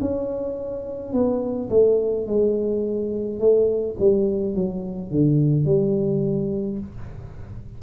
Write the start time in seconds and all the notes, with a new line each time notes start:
0.00 C#4
1.13 B3
1.69 A3
2.26 G#3
3.39 A3
3.99 G3
4.55 F#3
5.10 D3
5.65 G3